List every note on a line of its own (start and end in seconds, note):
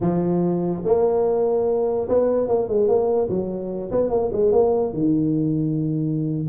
0.00 0.82 F3
0.84 2.08 A#3
2.08 2.48 B3
2.48 2.68 A#3
2.68 2.87 G#3
2.87 3.29 A#3
3.29 3.91 F#3
3.91 4.10 B3
4.10 4.30 A#3
4.32 4.52 G#3
4.52 4.93 A#3
4.93 6.47 D#3